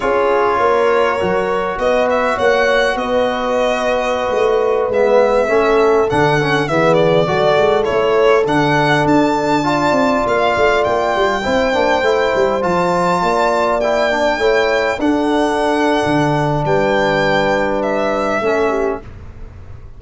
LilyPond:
<<
  \new Staff \with { instrumentName = "violin" } { \time 4/4 \tempo 4 = 101 cis''2. dis''8 e''8 | fis''4 dis''2.~ | dis''16 e''2 fis''4 e''8 d''16~ | d''4~ d''16 cis''4 fis''4 a''8.~ |
a''4~ a''16 f''4 g''4.~ g''16~ | g''4~ g''16 a''2 g''8.~ | g''4~ g''16 fis''2~ fis''8. | g''2 e''2 | }
  \new Staff \with { instrumentName = "horn" } { \time 4/4 gis'4 ais'2 b'4 | cis''4 b'2.~ | b'4~ b'16 a'2 gis'8.~ | gis'16 a'2.~ a'8.~ |
a'16 d''2. c''8.~ | c''2~ c''16 d''4.~ d''16~ | d''16 cis''4 a'2~ a'8. | b'2. a'8 g'8 | }
  \new Staff \with { instrumentName = "trombone" } { \time 4/4 f'2 fis'2~ | fis'1~ | fis'16 b4 cis'4 d'8 cis'8 b8.~ | b16 fis'4 e'4 d'4.~ d'16~ |
d'16 f'2. e'8 d'16~ | d'16 e'4 f'2 e'8 d'16~ | d'16 e'4 d'2~ d'8.~ | d'2. cis'4 | }
  \new Staff \with { instrumentName = "tuba" } { \time 4/4 cis'4 ais4 fis4 b4 | ais4 b2~ b16 a8.~ | a16 gis4 a4 d4 e8.~ | e16 fis8 gis8 a4 d4 d'8.~ |
d'8. c'8 ais8 a8 ais8 g8 c'8 ais16~ | ais16 a8 g8 f4 ais4.~ ais16~ | ais16 a4 d'4.~ d'16 d4 | g2. a4 | }
>>